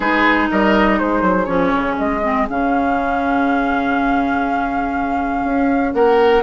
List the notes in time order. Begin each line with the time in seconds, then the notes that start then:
0.00 G#3 D#4 G#4 B4
0.50 G3 A#4 D#5
0.98 G#3 G#4 C5
1.21 F#3
1.45 F3 C#4 C#5
1.74 C#3
1.98 G#3 D#5
2.23 C4
2.48 C#3 C#4 F5
5.44 C#4
5.93 A#3 A#4 F#5